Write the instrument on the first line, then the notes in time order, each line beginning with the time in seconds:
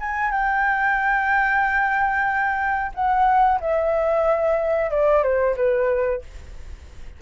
flute
0.00 G#5
0.31 G5
2.95 F#5
3.60 E5
4.91 D5
5.24 C5
5.57 B4